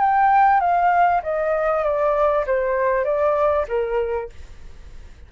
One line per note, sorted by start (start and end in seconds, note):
0.00 0.60 G5
0.60 1.22 F5
1.23 1.84 D#5
1.84 2.45 D5
2.47 3.04 C5
3.04 3.66 D5
3.68 4.29 A#4